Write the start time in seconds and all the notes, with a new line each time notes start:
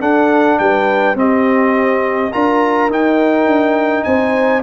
0.00 D4 A4 F#5
0.58 G3 B4 G5
1.15 C4 G4 D#5
2.32 D4 F4 A#4 A#5
2.90 D#4 G5
3.47 D4
4.04 C4 C5 G#5